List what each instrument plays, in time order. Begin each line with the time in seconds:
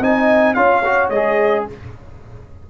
0.00 tuba C4, trombone D#4, horn D#5, trumpet G#5
0.54 tuba C#4, trombone F4, horn C#5, trumpet F5
0.85 trombone F#4
1.10 tuba G#3, trombone G#4, trumpet D#5